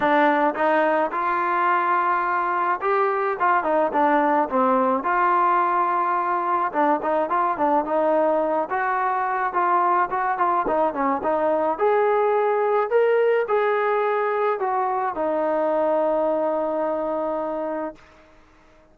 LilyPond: \new Staff \with { instrumentName = "trombone" } { \time 4/4 \tempo 4 = 107 d'4 dis'4 f'2~ | f'4 g'4 f'8 dis'8 d'4 | c'4 f'2. | d'8 dis'8 f'8 d'8 dis'4. fis'8~ |
fis'4 f'4 fis'8 f'8 dis'8 cis'8 | dis'4 gis'2 ais'4 | gis'2 fis'4 dis'4~ | dis'1 | }